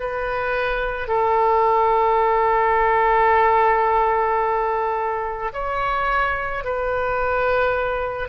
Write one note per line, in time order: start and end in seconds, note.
0.00 1.08 B4
1.08 5.53 A4
5.53 6.64 C#5
6.64 8.29 B4